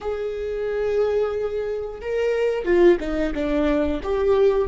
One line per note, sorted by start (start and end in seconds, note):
0.00 2.00 G#4
2.01 2.64 A#4
2.64 2.98 F4
3.00 3.33 D#4
3.34 4.01 D4
4.03 4.68 G4